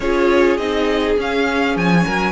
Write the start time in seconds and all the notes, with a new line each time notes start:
0.00 C#4 F4 G#4 C#5
0.57 C4 D#4 D#5
1.17 C#4 F5
1.75 F3 G#5
2.06 F#3 A#4